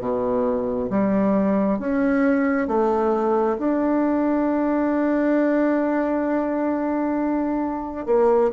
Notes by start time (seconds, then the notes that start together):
0.00 B2
0.90 G3
1.79 C#4
2.67 A3
3.58 D4
8.06 A#3